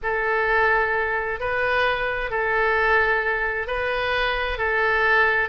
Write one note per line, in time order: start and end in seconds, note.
0.02 1.39 A4
1.39 2.30 B4
2.30 3.67 A4
3.67 4.58 B4
4.58 5.48 A4